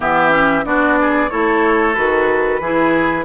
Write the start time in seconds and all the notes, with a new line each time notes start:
0.00 E3 B3 G4 E5
0.30 C#4
0.65 B3 D4 F#4 D5
1.00 G#4
1.30 A3 E4 A4 C#5
1.94 D#3 F#4 B4
2.60 E3 E4 G#4